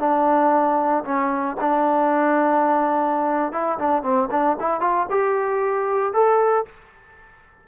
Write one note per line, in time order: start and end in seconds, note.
0.00 1.04 D4
1.05 1.57 C#4
1.61 3.53 D4
3.53 3.79 E4
3.79 4.03 D4
4.03 4.29 C4
4.31 4.57 D4
4.60 4.81 E4
4.81 5.07 F4
5.11 6.14 G4
6.14 6.66 A4